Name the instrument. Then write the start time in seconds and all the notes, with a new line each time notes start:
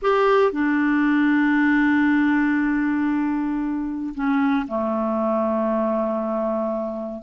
clarinet
0.01 G4
0.51 D4
4.14 C#4
4.67 A3